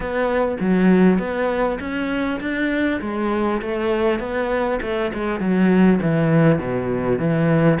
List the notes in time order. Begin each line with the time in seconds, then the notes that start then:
0.00 B3
0.59 F#3
1.18 B3
1.80 C#4
2.40 D4
3.01 G#3
3.61 A3
4.19 B3
4.82 A3
5.13 G#3
5.40 F#3
6.01 E3
6.58 B2
7.18 E3